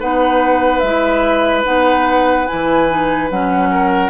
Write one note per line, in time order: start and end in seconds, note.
0.00 0.83 B3
0.00 0.83 D#4
0.00 3.70 B4
0.00 0.80 F#5
0.80 1.65 G#3
0.80 1.64 E4
0.80 1.62 E5
1.64 2.49 B3
1.64 2.47 D#4
1.64 2.47 F#5
2.47 3.31 E3
2.47 2.89 E4
2.47 3.29 G#5
2.89 3.30 D#4
3.31 4.10 F#3
3.31 4.10 C#4
3.31 4.10 F#5
3.71 4.10 A#4